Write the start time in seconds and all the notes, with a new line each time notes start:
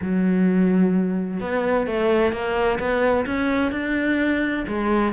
0.01 F#3
1.40 B3
1.86 A3
2.32 A#3
2.79 B3
3.26 C#4
3.71 D4
4.67 G#3